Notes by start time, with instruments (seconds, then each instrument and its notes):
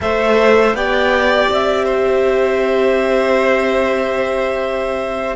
0.01 cello A3, viola A4, violin C5, clarinet E5
0.74 cello B3, viola G4, violin D5, clarinet G5
1.49 cello C4, clarinet E5
1.84 violin C5